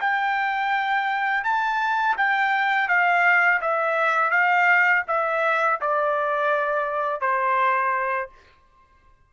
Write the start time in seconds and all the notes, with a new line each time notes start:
0.00 G5
1.44 A5
2.17 G5
2.88 F5
3.61 E5
4.30 F5
5.07 E5
5.81 D5
7.20 C5